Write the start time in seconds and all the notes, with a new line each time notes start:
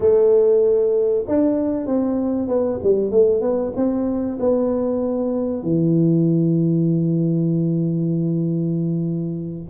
0.00 A3
1.27 D4
1.86 C4
2.47 B3
2.83 G3
3.11 A3
3.41 B3
3.76 C4
4.39 B3
5.62 E3